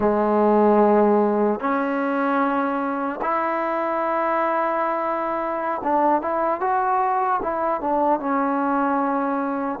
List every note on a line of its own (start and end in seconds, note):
0.00 1.60 G#3
1.60 3.20 C#4
3.21 5.81 E4
5.83 6.21 D4
6.21 6.60 E4
6.60 7.40 F#4
7.42 7.80 E4
7.80 8.19 D4
8.19 9.79 C#4